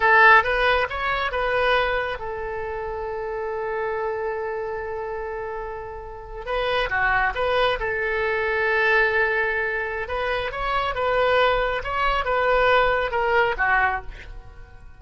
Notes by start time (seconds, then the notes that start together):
0.00 A4
0.43 B4
0.89 C#5
1.31 B4
2.18 A4
6.45 B4
6.89 F#4
7.35 B4
7.79 A4
10.08 B4
10.51 C#5
10.94 B4
11.83 C#5
12.24 B4
13.11 A#4
13.57 F#4